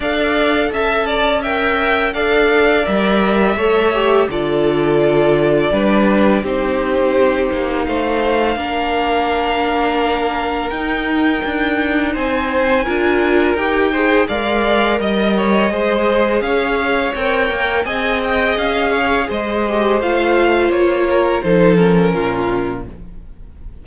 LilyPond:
<<
  \new Staff \with { instrumentName = "violin" } { \time 4/4 \tempo 4 = 84 f''4 a''4 g''4 f''4 | e''2 d''2~ | d''4 c''2 f''4~ | f''2. g''4~ |
g''4 gis''2 g''4 | f''4 dis''2 f''4 | g''4 gis''8 g''8 f''4 dis''4 | f''4 cis''4 c''8 ais'4. | }
  \new Staff \with { instrumentName = "violin" } { \time 4/4 d''4 e''8 d''8 e''4 d''4~ | d''4 cis''4 a'2 | b'4 g'2 c''4 | ais'1~ |
ais'4 c''4 ais'4. c''8 | d''4 dis''8 cis''8 c''4 cis''4~ | cis''4 dis''4. cis''8 c''4~ | c''4. ais'8 a'4 f'4 | }
  \new Staff \with { instrumentName = "viola" } { \time 4/4 a'2 ais'4 a'4 | ais'4 a'8 g'8 f'2 | d'4 dis'2. | d'2. dis'4~ |
dis'2 f'4 g'8 gis'8 | ais'2 gis'2 | ais'4 gis'2~ gis'8 g'8 | f'2 dis'8 cis'4. | }
  \new Staff \with { instrumentName = "cello" } { \time 4/4 d'4 cis'2 d'4 | g4 a4 d2 | g4 c'4. ais8 a4 | ais2. dis'4 |
d'4 c'4 d'4 dis'4 | gis4 g4 gis4 cis'4 | c'8 ais8 c'4 cis'4 gis4 | a4 ais4 f4 ais,4 | }
>>